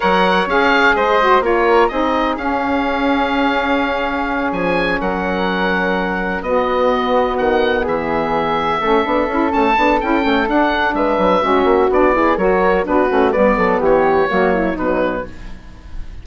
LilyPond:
<<
  \new Staff \with { instrumentName = "oboe" } { \time 4/4 \tempo 4 = 126 fis''4 f''4 dis''4 cis''4 | dis''4 f''2.~ | f''4. gis''4 fis''4.~ | fis''4. dis''2 fis''8~ |
fis''8 e''2.~ e''8 | a''4 g''4 fis''4 e''4~ | e''4 d''4 cis''4 b'4 | d''4 cis''2 b'4 | }
  \new Staff \with { instrumentName = "flute" } { \time 4/4 cis''2 c''4 ais'4 | gis'1~ | gis'2~ gis'8 ais'4.~ | ais'4. fis'2~ fis'8~ |
fis'8 gis'2 a'4.~ | a'2. b'4 | fis'4. gis'8 ais'4 fis'4 | b'8 a'8 g'4 fis'8 e'8 dis'4 | }
  \new Staff \with { instrumentName = "saxophone" } { \time 4/4 ais'4 gis'4. fis'8 f'4 | dis'4 cis'2.~ | cis'1~ | cis'4. b2~ b8~ |
b2~ b8 cis'8 d'8 e'8 | cis'8 d'8 e'8 cis'8 d'2 | cis'4 d'8 e'8 fis'4 d'8 cis'8 | b2 ais4 fis4 | }
  \new Staff \with { instrumentName = "bassoon" } { \time 4/4 fis4 cis'4 gis4 ais4 | c'4 cis'2.~ | cis'4. f4 fis4.~ | fis4. b2 dis8~ |
dis8 e2 a8 b8 cis'8 | a8 b8 cis'8 a8 d'4 gis8 fis8 | gis8 ais8 b4 fis4 b8 a8 | g8 fis8 e4 fis4 b,4 | }
>>